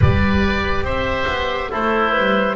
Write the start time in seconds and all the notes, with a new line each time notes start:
0.00 G3 G4 B4 D5
0.82 C4 C5 E5
1.26 B3
1.70 A3 E4 A4 C5
2.11 B4
2.17 G3